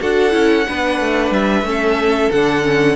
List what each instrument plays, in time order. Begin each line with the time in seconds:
0.00 cello D4, viola F#4, violin A4 F#5
0.31 cello C#4, viola E4
0.68 cello B3, viola D4, violin B4
1.00 cello A3
1.31 cello G3, violin E5
1.62 cello A3, viola C#4, violin A4
2.31 cello D3, viola D4, violin F#5
2.63 viola C#4